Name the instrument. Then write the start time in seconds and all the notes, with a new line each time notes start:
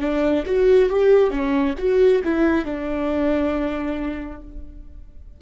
viola
0.00 D4
0.46 F#4
0.90 G4
1.30 C#4
1.78 F#4
2.24 E4
2.65 D4